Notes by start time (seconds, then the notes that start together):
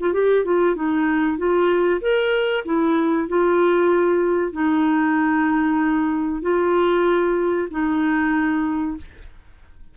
0.00 F4
0.13 G4
0.45 F4
0.76 D#4
1.38 F4
2.02 A#4
2.65 E4
3.28 F4
4.53 D#4
6.42 F4
7.71 D#4